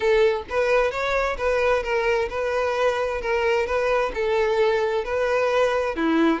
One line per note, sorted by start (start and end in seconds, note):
0.00 0.43 A4
0.49 0.91 B4
0.91 1.36 C#5
1.37 1.83 B4
1.83 2.28 A#4
2.29 3.21 B4
3.21 3.66 A#4
3.66 4.12 B4
4.14 5.04 A4
5.04 5.95 B4
5.95 6.40 E4